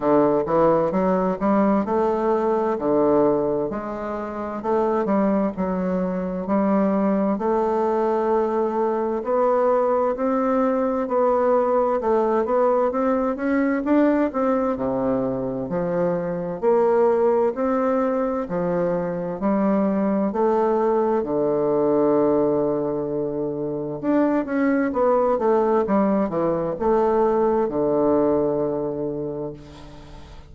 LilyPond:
\new Staff \with { instrumentName = "bassoon" } { \time 4/4 \tempo 4 = 65 d8 e8 fis8 g8 a4 d4 | gis4 a8 g8 fis4 g4 | a2 b4 c'4 | b4 a8 b8 c'8 cis'8 d'8 c'8 |
c4 f4 ais4 c'4 | f4 g4 a4 d4~ | d2 d'8 cis'8 b8 a8 | g8 e8 a4 d2 | }